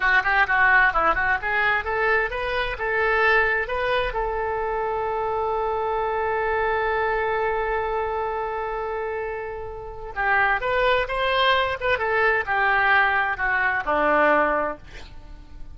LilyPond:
\new Staff \with { instrumentName = "oboe" } { \time 4/4 \tempo 4 = 130 fis'8 g'8 fis'4 e'8 fis'8 gis'4 | a'4 b'4 a'2 | b'4 a'2.~ | a'1~ |
a'1~ | a'2 g'4 b'4 | c''4. b'8 a'4 g'4~ | g'4 fis'4 d'2 | }